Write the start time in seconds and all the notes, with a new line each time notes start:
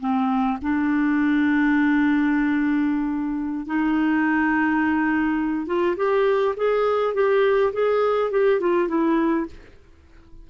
0.00 C4
0.62 D4
3.66 D#4
5.67 F4
5.97 G4
6.56 G#4
7.14 G4
7.73 G#4
8.31 G4
8.60 F4
8.88 E4